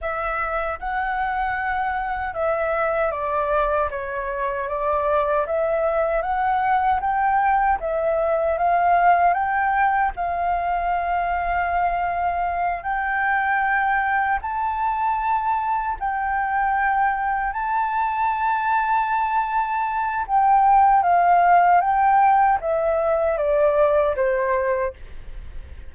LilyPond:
\new Staff \with { instrumentName = "flute" } { \time 4/4 \tempo 4 = 77 e''4 fis''2 e''4 | d''4 cis''4 d''4 e''4 | fis''4 g''4 e''4 f''4 | g''4 f''2.~ |
f''8 g''2 a''4.~ | a''8 g''2 a''4.~ | a''2 g''4 f''4 | g''4 e''4 d''4 c''4 | }